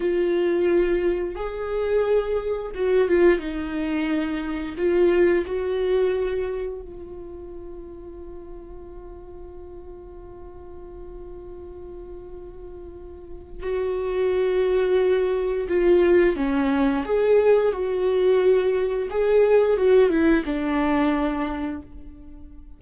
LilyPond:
\new Staff \with { instrumentName = "viola" } { \time 4/4 \tempo 4 = 88 f'2 gis'2 | fis'8 f'8 dis'2 f'4 | fis'2 f'2~ | f'1~ |
f'1 | fis'2. f'4 | cis'4 gis'4 fis'2 | gis'4 fis'8 e'8 d'2 | }